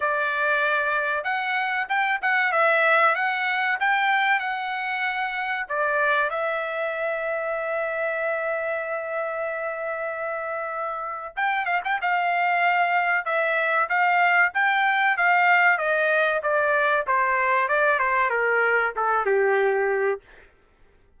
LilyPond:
\new Staff \with { instrumentName = "trumpet" } { \time 4/4 \tempo 4 = 95 d''2 fis''4 g''8 fis''8 | e''4 fis''4 g''4 fis''4~ | fis''4 d''4 e''2~ | e''1~ |
e''2 g''8 f''16 g''16 f''4~ | f''4 e''4 f''4 g''4 | f''4 dis''4 d''4 c''4 | d''8 c''8 ais'4 a'8 g'4. | }